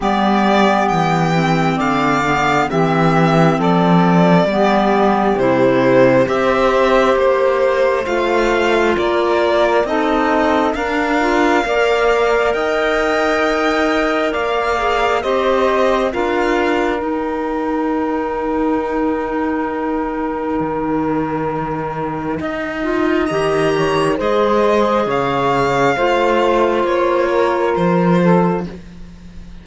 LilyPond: <<
  \new Staff \with { instrumentName = "violin" } { \time 4/4 \tempo 4 = 67 d''4 g''4 f''4 e''4 | d''2 c''4 e''4 | c''4 f''4 d''4 dis''4 | f''2 g''2 |
f''4 dis''4 f''4 g''4~ | g''1~ | g''2 ais''4 dis''4 | f''2 cis''4 c''4 | }
  \new Staff \with { instrumentName = "saxophone" } { \time 4/4 g'2 d''4 g'4 | a'4 g'2 c''4~ | c''2 ais'4 a'4 | ais'4 d''4 dis''2 |
d''4 c''4 ais'2~ | ais'1~ | ais'4 dis''4. cis''8 c''4 | cis''4 c''4. ais'4 a'8 | }
  \new Staff \with { instrumentName = "clarinet" } { \time 4/4 b4. c'4 b8 c'4~ | c'4 b4 e'4 g'4~ | g'4 f'2 dis'4 | d'8 f'8 ais'2.~ |
ais'8 gis'8 g'4 f'4 dis'4~ | dis'1~ | dis'4. f'8 g'4 gis'4~ | gis'4 f'2. | }
  \new Staff \with { instrumentName = "cello" } { \time 4/4 g4 e4 d4 e4 | f4 g4 c4 c'4 | ais4 a4 ais4 c'4 | d'4 ais4 dis'2 |
ais4 c'4 d'4 dis'4~ | dis'2. dis4~ | dis4 dis'4 dis4 gis4 | cis4 a4 ais4 f4 | }
>>